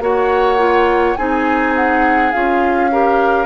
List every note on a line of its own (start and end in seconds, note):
0.00 1.15 A#3
0.00 0.58 F#4
0.00 1.18 C#5
0.00 1.16 F#5
0.58 1.16 F4
1.16 2.33 C4
1.16 2.33 D#4
1.16 2.91 G#4
1.16 1.74 G#5
1.76 2.32 F#5
2.32 3.46 C#4
2.32 2.91 F4
2.32 3.46 F5
2.91 3.46 G4
2.91 3.46 A#4